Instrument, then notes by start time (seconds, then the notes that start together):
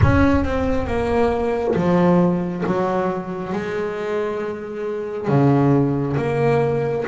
double bass
0.02 C#4
0.44 C4
0.86 A#3
1.75 F3
2.66 F#3
3.52 G#3
5.28 C#3
6.16 A#3